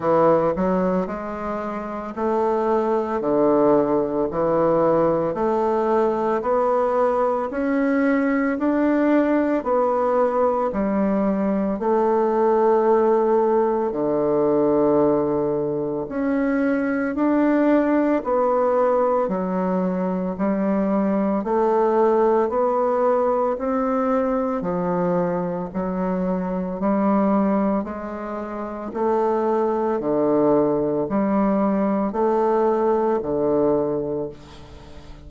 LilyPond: \new Staff \with { instrumentName = "bassoon" } { \time 4/4 \tempo 4 = 56 e8 fis8 gis4 a4 d4 | e4 a4 b4 cis'4 | d'4 b4 g4 a4~ | a4 d2 cis'4 |
d'4 b4 fis4 g4 | a4 b4 c'4 f4 | fis4 g4 gis4 a4 | d4 g4 a4 d4 | }